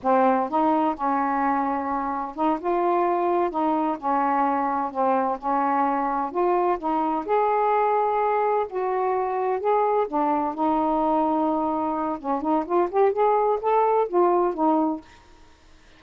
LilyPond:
\new Staff \with { instrumentName = "saxophone" } { \time 4/4 \tempo 4 = 128 c'4 dis'4 cis'2~ | cis'4 dis'8 f'2 dis'8~ | dis'8 cis'2 c'4 cis'8~ | cis'4. f'4 dis'4 gis'8~ |
gis'2~ gis'8 fis'4.~ | fis'8 gis'4 d'4 dis'4.~ | dis'2 cis'8 dis'8 f'8 g'8 | gis'4 a'4 f'4 dis'4 | }